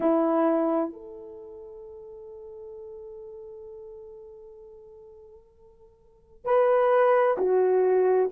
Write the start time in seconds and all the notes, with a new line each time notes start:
0.00 E4
0.92 A4
6.44 B4
7.37 F#4